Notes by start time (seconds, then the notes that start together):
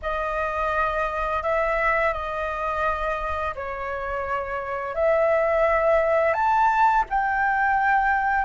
0.02 D#5
1.42 E5
2.13 D#5
3.55 C#5
4.94 E5
6.33 A5
7.09 G5